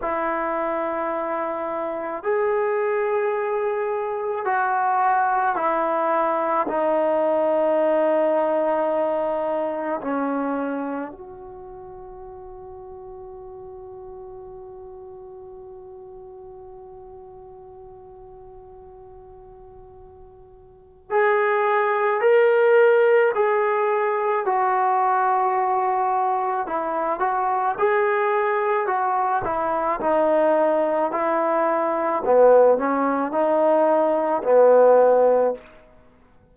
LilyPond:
\new Staff \with { instrumentName = "trombone" } { \time 4/4 \tempo 4 = 54 e'2 gis'2 | fis'4 e'4 dis'2~ | dis'4 cis'4 fis'2~ | fis'1~ |
fis'2. gis'4 | ais'4 gis'4 fis'2 | e'8 fis'8 gis'4 fis'8 e'8 dis'4 | e'4 b8 cis'8 dis'4 b4 | }